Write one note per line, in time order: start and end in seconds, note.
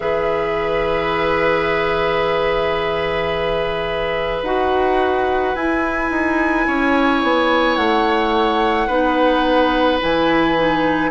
0.00 4.42 E3
0.00 4.44 G#4
0.00 6.67 B4
0.00 4.44 E5
4.42 5.53 D#4
4.42 5.56 F#4
4.42 5.55 F#5
5.55 6.10 E4
5.55 8.89 E4
5.55 7.75 G#5
6.10 6.66 D#4
6.67 7.22 C#4
6.67 8.87 C#5
7.22 7.77 B3
7.75 8.88 A3
7.75 9.98 F#5
8.87 9.99 B3
8.87 10.00 D#4
8.87 11.09 B4
10.00 11.10 E3
10.00 10.55 E4
10.00 11.10 G#5
10.56 11.10 D#4